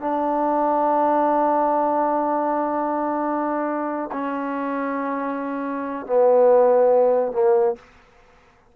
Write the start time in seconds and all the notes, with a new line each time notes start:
0.00 D4
4.12 C#4
6.06 B3
7.32 A#3